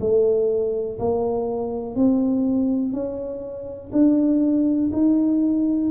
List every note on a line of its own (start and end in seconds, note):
0.00 0.98 A3
0.99 1.95 A#3
1.95 2.92 C4
2.92 3.91 C#4
3.92 4.90 D4
4.93 5.91 D#4